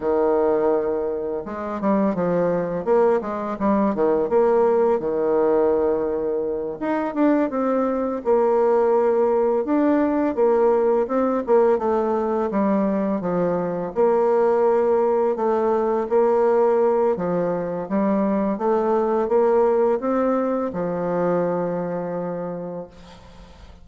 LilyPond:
\new Staff \with { instrumentName = "bassoon" } { \time 4/4 \tempo 4 = 84 dis2 gis8 g8 f4 | ais8 gis8 g8 dis8 ais4 dis4~ | dis4. dis'8 d'8 c'4 ais8~ | ais4. d'4 ais4 c'8 |
ais8 a4 g4 f4 ais8~ | ais4. a4 ais4. | f4 g4 a4 ais4 | c'4 f2. | }